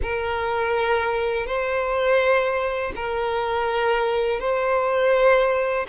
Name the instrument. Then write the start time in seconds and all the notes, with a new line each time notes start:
violin
0.02 A#4
1.46 C5
2.95 A#4
4.40 C5